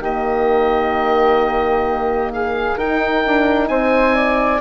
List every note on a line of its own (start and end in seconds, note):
0.00 2.77 D#3
0.00 2.77 A#3
0.00 2.32 G4
0.00 2.33 D#5
2.33 2.77 G#4
2.33 2.79 F5
2.77 3.24 D#4
2.77 4.61 D#4
2.77 3.69 A#4
2.77 3.68 G5
3.27 3.69 D4
3.68 4.61 C4
3.68 4.15 C5
3.68 4.60 G#5
4.15 4.61 D5